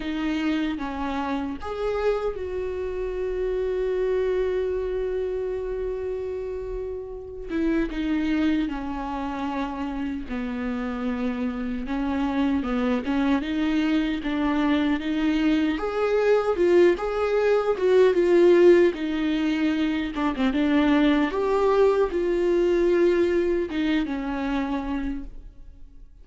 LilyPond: \new Staff \with { instrumentName = "viola" } { \time 4/4 \tempo 4 = 76 dis'4 cis'4 gis'4 fis'4~ | fis'1~ | fis'4. e'8 dis'4 cis'4~ | cis'4 b2 cis'4 |
b8 cis'8 dis'4 d'4 dis'4 | gis'4 f'8 gis'4 fis'8 f'4 | dis'4. d'16 c'16 d'4 g'4 | f'2 dis'8 cis'4. | }